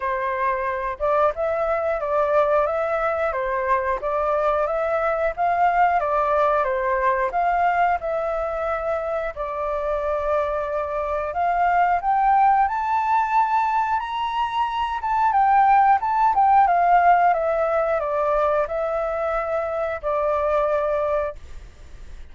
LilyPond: \new Staff \with { instrumentName = "flute" } { \time 4/4 \tempo 4 = 90 c''4. d''8 e''4 d''4 | e''4 c''4 d''4 e''4 | f''4 d''4 c''4 f''4 | e''2 d''2~ |
d''4 f''4 g''4 a''4~ | a''4 ais''4. a''8 g''4 | a''8 g''8 f''4 e''4 d''4 | e''2 d''2 | }